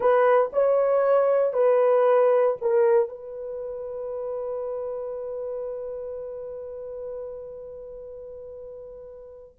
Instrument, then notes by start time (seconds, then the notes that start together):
horn
0.00 B4
0.52 C#5
1.53 B4
2.61 A#4
3.08 B4